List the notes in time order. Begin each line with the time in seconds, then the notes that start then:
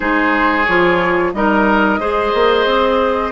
0.00 G#3 D#4 G#4 C5
0.65 F3 F4 C#5
1.33 G3 D#4 A#4 D#5
1.99 G#3 G#4 C5
2.33 A#3
2.65 C4